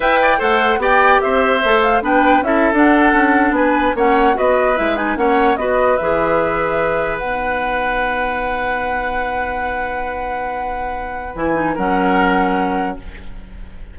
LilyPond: <<
  \new Staff \with { instrumentName = "flute" } { \time 4/4 \tempo 4 = 148 g''4 fis''4 g''4 e''4~ | e''8 f''8 g''4 e''8. fis''4~ fis''16~ | fis''8. gis''4 fis''4 dis''4 e''16~ | e''16 gis''8 fis''4 dis''4 e''4~ e''16~ |
e''4.~ e''16 fis''2~ fis''16~ | fis''1~ | fis''1 | gis''4 fis''2. | }
  \new Staff \with { instrumentName = "oboe" } { \time 4/4 e''8 d''8 c''4 d''4 c''4~ | c''4 b'4 a'2~ | a'8. b'4 cis''4 b'4~ b'16~ | b'8. cis''4 b'2~ b'16~ |
b'1~ | b'1~ | b'1~ | b'4 ais'2. | }
  \new Staff \with { instrumentName = "clarinet" } { \time 4/4 b'4 a'4 g'2 | a'4 d'4 e'8. d'4~ d'16~ | d'4.~ d'16 cis'4 fis'4 e'16~ | e'16 dis'8 cis'4 fis'4 gis'4~ gis'16~ |
gis'4.~ gis'16 dis'2~ dis'16~ | dis'1~ | dis'1 | e'8 dis'8 cis'2. | }
  \new Staff \with { instrumentName = "bassoon" } { \time 4/4 e'4 a4 b4 c'4 | a4 b4 cis'8. d'4 cis'16~ | cis'8. b4 ais4 b4 gis16~ | gis8. ais4 b4 e4~ e16~ |
e4.~ e16 b2~ b16~ | b1~ | b1 | e4 fis2. | }
>>